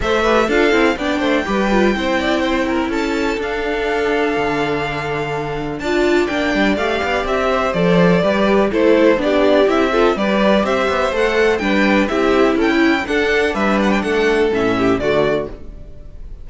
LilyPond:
<<
  \new Staff \with { instrumentName = "violin" } { \time 4/4 \tempo 4 = 124 e''4 f''4 g''2~ | g''2 a''4 f''4~ | f''1 | a''4 g''4 f''4 e''4 |
d''2 c''4 d''4 | e''4 d''4 e''4 fis''4 | g''4 e''4 g''4 fis''4 | e''8 fis''16 g''16 fis''4 e''4 d''4 | }
  \new Staff \with { instrumentName = "violin" } { \time 4/4 c''8 b'8 a'4 d''8 c''8 b'4 | c''8 d''8 c''8 ais'8 a'2~ | a'1 | d''2.~ d''8 c''8~ |
c''4 b'4 a'4 g'4~ | g'8 a'8 b'4 c''2 | b'4 g'4 a'16 e'8. a'4 | b'4 a'4. g'8 fis'4 | }
  \new Staff \with { instrumentName = "viola" } { \time 4/4 a'8 g'8 f'8 e'8 d'4 g'8 f'8 | e'2. d'4~ | d'1 | f'4 d'4 g'2 |
a'4 g'4 e'4 d'4 | e'8 f'8 g'2 a'4 | d'4 e'2 d'4~ | d'2 cis'4 a4 | }
  \new Staff \with { instrumentName = "cello" } { \time 4/4 a4 d'8 c'8 b8 a8 g4 | c'2 cis'4 d'4~ | d'4 d2. | d'4 ais8 g8 a8 b8 c'4 |
f4 g4 a4 b4 | c'4 g4 c'8 b8 a4 | g4 c'4 cis'4 d'4 | g4 a4 a,4 d4 | }
>>